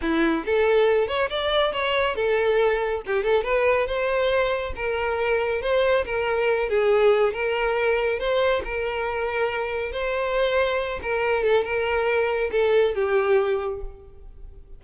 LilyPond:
\new Staff \with { instrumentName = "violin" } { \time 4/4 \tempo 4 = 139 e'4 a'4. cis''8 d''4 | cis''4 a'2 g'8 a'8 | b'4 c''2 ais'4~ | ais'4 c''4 ais'4. gis'8~ |
gis'4 ais'2 c''4 | ais'2. c''4~ | c''4. ais'4 a'8 ais'4~ | ais'4 a'4 g'2 | }